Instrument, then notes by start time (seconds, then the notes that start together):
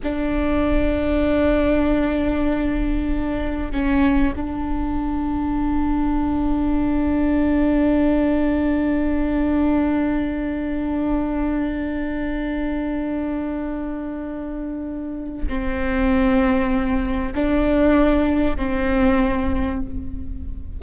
viola
0.03 D4
3.71 C#4
4.36 D4
15.47 C4
17.34 D4
18.56 C4